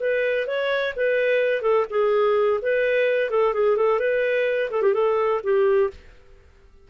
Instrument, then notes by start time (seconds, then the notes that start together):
clarinet
0.00 B4
0.47 C#5
0.96 B4
1.62 A4
1.90 G#4
2.62 B4
3.30 A4
3.54 G#4
3.77 A4
3.99 B4
4.71 A4
4.82 G4
4.94 A4
5.44 G4